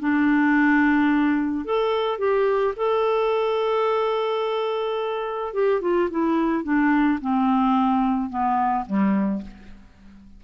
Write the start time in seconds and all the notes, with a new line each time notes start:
0.00 D4
1.65 A4
2.19 G4
2.77 A4
5.54 G4
5.82 F4
6.11 E4
6.64 D4
7.21 C4
8.30 B3
8.86 G3